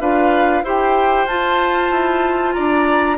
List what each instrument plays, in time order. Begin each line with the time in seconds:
0.00 bassoon D4, clarinet F4, oboe B4, flute F5
0.63 bassoon E4, clarinet G4, oboe C5, flute G5
1.25 bassoon F4, clarinet F4, flute A5
1.90 bassoon E4
2.53 bassoon D4, oboe D5, flute A#5